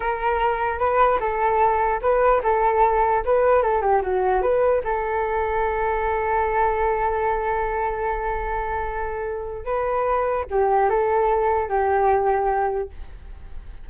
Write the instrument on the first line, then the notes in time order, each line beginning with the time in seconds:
flute
0.00 A#4
0.79 B4
1.20 A4
2.01 B4
2.43 A4
3.24 B4
3.62 A4
3.81 G4
4.01 F#4
4.41 B4
4.84 A4
9.64 B4
10.50 G4
10.89 A4
11.68 G4